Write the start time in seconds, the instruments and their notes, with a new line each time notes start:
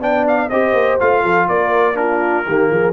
0.00 tuba B3, trombone D4, horn D5, trumpet G5
0.28 trumpet F5
0.49 tuba C4, trombone G4, horn C5, trumpet D#5
0.73 tuba A#3
1.00 tuba A3, trombone F4, trumpet F5
1.22 tuba F3, horn A4
1.49 tuba A#3, horn A#4, trumpet D5
1.95 trombone D4, horn F4, trumpet A#4
2.46 tuba D#3, trombone A#3, horn G4
2.70 tuba F3, horn G#4